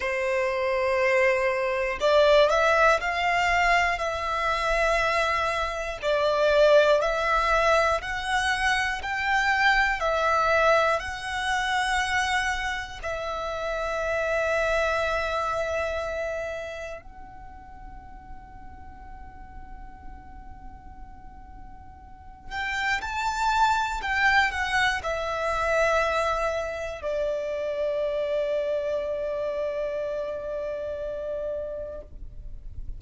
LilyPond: \new Staff \with { instrumentName = "violin" } { \time 4/4 \tempo 4 = 60 c''2 d''8 e''8 f''4 | e''2 d''4 e''4 | fis''4 g''4 e''4 fis''4~ | fis''4 e''2.~ |
e''4 fis''2.~ | fis''2~ fis''8 g''8 a''4 | g''8 fis''8 e''2 d''4~ | d''1 | }